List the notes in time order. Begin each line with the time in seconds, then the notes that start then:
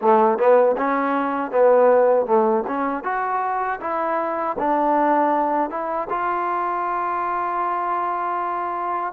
0.01 A3
0.38 B3
0.77 C#4
1.51 B3
2.26 A3
2.67 C#4
3.03 F#4
3.80 E4
4.58 D4
5.70 E4
6.09 F4